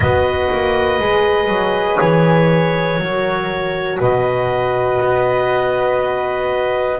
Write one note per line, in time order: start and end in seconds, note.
0.00 0.49 B3
0.00 1.01 F#4
0.00 3.01 B4
0.00 1.98 D#5
0.52 0.99 A#3
0.99 1.48 G#3
0.99 3.01 G#4
1.48 1.97 F#3
1.98 2.98 E3
1.98 3.98 C#5
2.98 3.98 F#3
2.98 6.99 F#4
2.98 3.99 A#4
3.99 5.00 B2
3.99 6.99 B4
3.99 6.99 D#5
5.00 6.99 B3